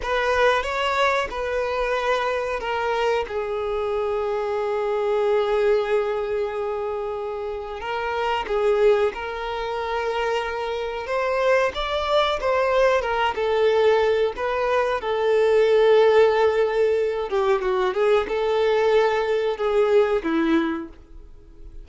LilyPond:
\new Staff \with { instrumentName = "violin" } { \time 4/4 \tempo 4 = 92 b'4 cis''4 b'2 | ais'4 gis'2.~ | gis'1 | ais'4 gis'4 ais'2~ |
ais'4 c''4 d''4 c''4 | ais'8 a'4. b'4 a'4~ | a'2~ a'8 g'8 fis'8 gis'8 | a'2 gis'4 e'4 | }